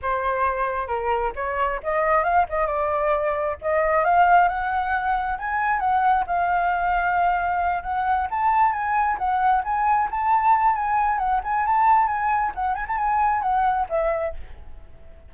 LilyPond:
\new Staff \with { instrumentName = "flute" } { \time 4/4 \tempo 4 = 134 c''2 ais'4 cis''4 | dis''4 f''8 dis''8 d''2 | dis''4 f''4 fis''2 | gis''4 fis''4 f''2~ |
f''4. fis''4 a''4 gis''8~ | gis''8 fis''4 gis''4 a''4. | gis''4 fis''8 gis''8 a''4 gis''4 | fis''8 gis''16 a''16 gis''4 fis''4 e''4 | }